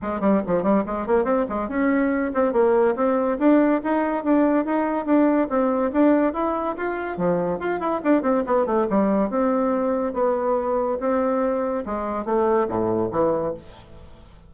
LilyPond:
\new Staff \with { instrumentName = "bassoon" } { \time 4/4 \tempo 4 = 142 gis8 g8 f8 g8 gis8 ais8 c'8 gis8 | cis'4. c'8 ais4 c'4 | d'4 dis'4 d'4 dis'4 | d'4 c'4 d'4 e'4 |
f'4 f4 f'8 e'8 d'8 c'8 | b8 a8 g4 c'2 | b2 c'2 | gis4 a4 a,4 e4 | }